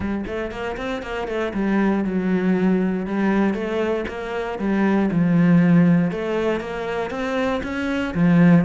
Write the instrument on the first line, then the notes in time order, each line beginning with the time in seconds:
cello
0.00 G3
0.26 A3
0.51 A#3
0.77 C4
1.02 A#3
1.27 A3
1.53 G3
2.04 F#3
3.06 G3
3.54 A3
4.07 A#3
4.59 G3
5.11 F3
6.11 A3
6.60 A#3
7.10 C4
7.63 C#4
8.14 F3